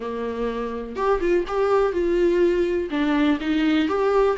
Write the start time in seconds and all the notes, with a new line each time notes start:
0.00 A#3
0.96 G4
1.20 F4
1.47 G4
1.92 F4
2.90 D4
3.40 D#4
3.88 G4